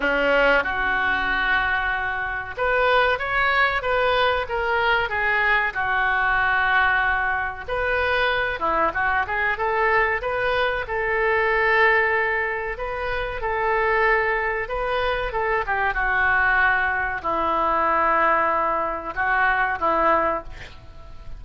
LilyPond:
\new Staff \with { instrumentName = "oboe" } { \time 4/4 \tempo 4 = 94 cis'4 fis'2. | b'4 cis''4 b'4 ais'4 | gis'4 fis'2. | b'4. e'8 fis'8 gis'8 a'4 |
b'4 a'2. | b'4 a'2 b'4 | a'8 g'8 fis'2 e'4~ | e'2 fis'4 e'4 | }